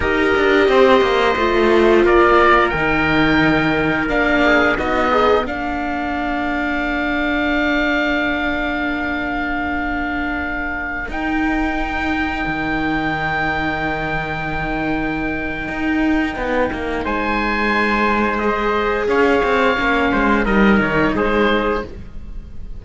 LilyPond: <<
  \new Staff \with { instrumentName = "oboe" } { \time 4/4 \tempo 4 = 88 dis''2. d''4 | g''2 f''4 dis''4 | f''1~ | f''1~ |
f''16 g''2.~ g''8.~ | g''1~ | g''4 gis''2 dis''4 | f''2 dis''8 cis''8 c''4 | }
  \new Staff \with { instrumentName = "trumpet" } { \time 4/4 ais'4 c''2 ais'4~ | ais'2~ ais'8 gis'8 fis'8 dis'8 | ais'1~ | ais'1~ |
ais'1~ | ais'1~ | ais'4 c''2. | cis''4. c''8 ais'4 gis'4 | }
  \new Staff \with { instrumentName = "viola" } { \time 4/4 g'2 f'2 | dis'2 d'4 dis'8 gis'8 | d'1~ | d'1~ |
d'16 dis'2.~ dis'8.~ | dis'1~ | dis'2. gis'4~ | gis'4 cis'4 dis'2 | }
  \new Staff \with { instrumentName = "cello" } { \time 4/4 dis'8 d'8 c'8 ais8 a4 ais4 | dis2 ais4 b4 | ais1~ | ais1~ |
ais16 dis'2 dis4.~ dis16~ | dis2. dis'4 | b8 ais8 gis2. | cis'8 c'8 ais8 gis8 g8 dis8 gis4 | }
>>